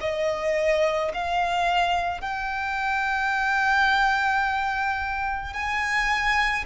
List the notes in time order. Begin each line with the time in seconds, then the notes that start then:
0.00 D#5
1.14 F5
2.21 G5
5.53 G#5